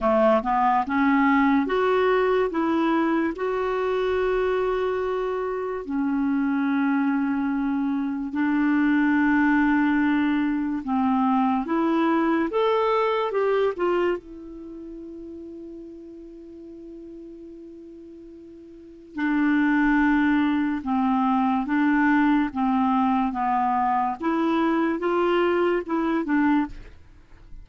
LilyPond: \new Staff \with { instrumentName = "clarinet" } { \time 4/4 \tempo 4 = 72 a8 b8 cis'4 fis'4 e'4 | fis'2. cis'4~ | cis'2 d'2~ | d'4 c'4 e'4 a'4 |
g'8 f'8 e'2.~ | e'2. d'4~ | d'4 c'4 d'4 c'4 | b4 e'4 f'4 e'8 d'8 | }